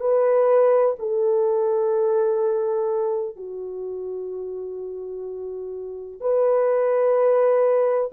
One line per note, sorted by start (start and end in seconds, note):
0.00 0.95 B4
0.99 3.36 A4
3.36 6.20 F#4
6.20 8.11 B4